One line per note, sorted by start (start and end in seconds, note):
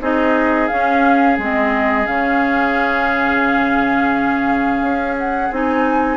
0.00 0.69 C4
0.00 0.70 D#4
0.00 6.17 G#4
0.00 0.68 D#5
0.68 1.39 C#4
0.68 1.38 C#4
0.68 1.37 F5
1.38 2.07 G#3
1.38 2.06 C4
1.38 2.07 D#5
2.06 4.81 C#3
2.06 5.51 C#4
2.06 5.17 F5
4.81 5.50 C#4
5.18 5.53 F#5
5.51 6.17 C4
5.51 6.17 D#4
5.51 6.17 G#5